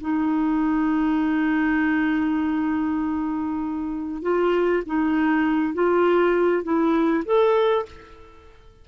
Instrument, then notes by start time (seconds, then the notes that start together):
clarinet
0.00 D#4
4.22 F4
4.86 D#4
5.74 F4
6.63 E4
7.25 A4